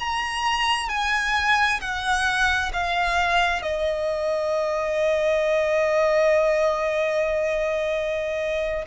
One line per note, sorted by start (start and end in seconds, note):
0.00 0.89 A#5
0.89 1.80 G#5
1.81 2.72 F#5
2.73 3.62 F5
3.62 8.85 D#5